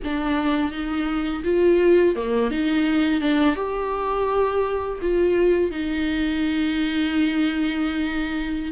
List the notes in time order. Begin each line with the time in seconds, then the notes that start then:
0.04 D4
0.71 D#4
1.44 F4
2.15 A#3
2.51 D#4
3.20 D4
3.55 G4
5.01 F4
5.71 D#4